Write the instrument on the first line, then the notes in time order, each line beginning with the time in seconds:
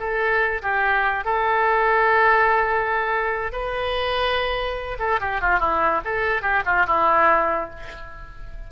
oboe
0.00 A4
0.63 G4
1.25 A4
3.53 B4
4.99 A4
5.21 G4
5.41 F4
5.60 E4
6.05 A4
6.42 G4
6.66 F4
6.87 E4